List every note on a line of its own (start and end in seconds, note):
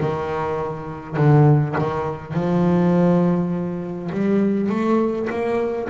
0.00 1.17 D#3
1.17 1.75 D3
1.78 2.34 D#3
2.34 4.10 F3
4.12 4.70 G3
4.70 5.28 A3
5.30 5.89 A#3